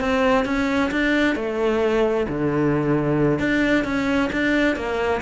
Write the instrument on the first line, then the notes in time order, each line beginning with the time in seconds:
cello
0.00 C4
0.45 C#4
0.91 D4
1.36 A3
2.29 D3
3.39 D4
3.85 C#4
4.32 D4
4.76 A#3